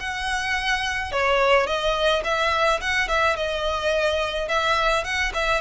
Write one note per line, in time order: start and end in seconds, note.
0.00 1.12 F#5
1.12 1.66 C#5
1.66 2.23 D#5
2.24 2.80 E5
2.81 3.08 F#5
3.08 3.36 E5
3.36 4.48 D#5
4.48 5.04 E5
5.04 5.32 F#5
5.34 5.61 E5